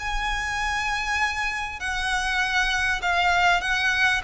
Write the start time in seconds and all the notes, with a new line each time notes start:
0.00 G#5
1.80 F#5
3.02 F5
3.61 F#5